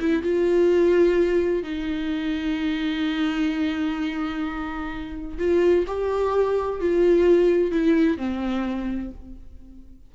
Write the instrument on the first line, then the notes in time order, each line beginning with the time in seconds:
viola
0.00 E4
0.23 F4
1.63 D#4
5.38 F4
5.87 G4
6.80 F4
7.72 E4
8.17 C4